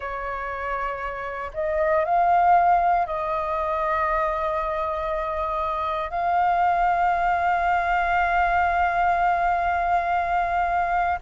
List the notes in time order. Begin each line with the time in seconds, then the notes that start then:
0.00 C#5
1.53 D#5
2.04 F5
3.06 D#5
6.10 F5